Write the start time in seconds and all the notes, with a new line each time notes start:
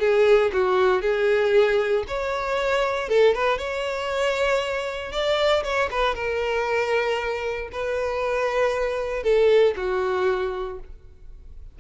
0.00 G#4
0.53 F#4
1.02 G#4
2.08 C#5
3.09 A4
3.35 B4
3.58 C#5
5.12 D5
5.64 C#5
5.91 B4
6.15 A#4
7.72 B4
9.23 A4
9.77 F#4